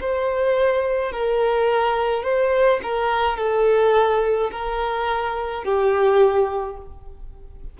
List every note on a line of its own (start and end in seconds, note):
0.00 1.12 C5
1.12 2.23 A#4
2.23 2.80 C5
2.83 3.37 A#4
3.37 4.50 A4
4.51 5.64 A#4
5.64 6.77 G4